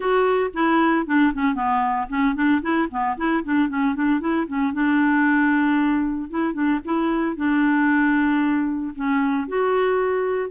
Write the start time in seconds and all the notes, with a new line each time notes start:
0.00 F#4
0.53 E4
1.06 D4
1.34 C#4
1.55 B3
2.09 C#4
2.35 D4
2.61 E4
2.90 B3
3.17 E4
3.44 D4
3.68 C#4
3.95 D4
4.20 E4
4.47 C#4
4.73 D4
6.30 E4
6.53 D4
6.84 E4
7.36 D4
8.95 C#4
9.48 F#4